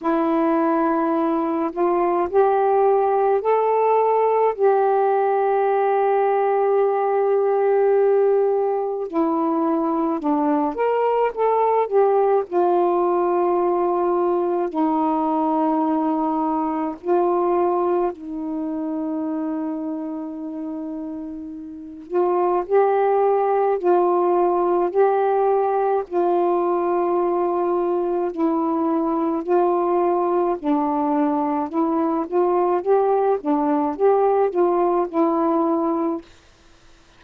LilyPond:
\new Staff \with { instrumentName = "saxophone" } { \time 4/4 \tempo 4 = 53 e'4. f'8 g'4 a'4 | g'1 | e'4 d'8 ais'8 a'8 g'8 f'4~ | f'4 dis'2 f'4 |
dis'2.~ dis'8 f'8 | g'4 f'4 g'4 f'4~ | f'4 e'4 f'4 d'4 | e'8 f'8 g'8 d'8 g'8 f'8 e'4 | }